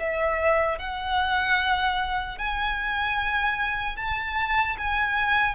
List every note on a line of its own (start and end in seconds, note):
0.00 0.79 E5
0.79 2.39 F#5
2.39 3.97 G#5
3.97 4.77 A5
4.78 5.56 G#5